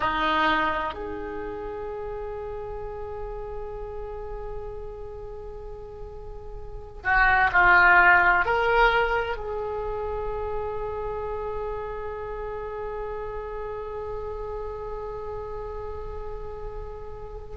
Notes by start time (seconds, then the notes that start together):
0.00 D#4
0.93 G#4
7.03 F#4
7.52 F4
8.45 A#4
9.36 G#4